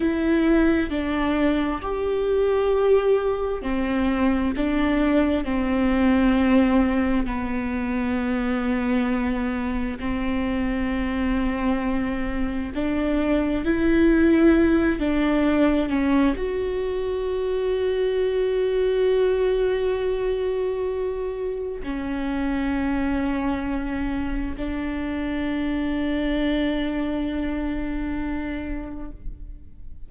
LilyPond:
\new Staff \with { instrumentName = "viola" } { \time 4/4 \tempo 4 = 66 e'4 d'4 g'2 | c'4 d'4 c'2 | b2. c'4~ | c'2 d'4 e'4~ |
e'8 d'4 cis'8 fis'2~ | fis'1 | cis'2. d'4~ | d'1 | }